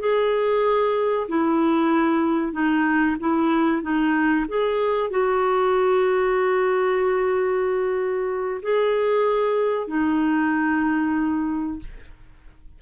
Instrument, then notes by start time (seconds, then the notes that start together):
clarinet
0.00 G#4
1.29 E4
2.52 D#4
3.20 E4
3.82 D#4
4.48 G#4
5.10 F#4
8.63 G#4
9.88 D#4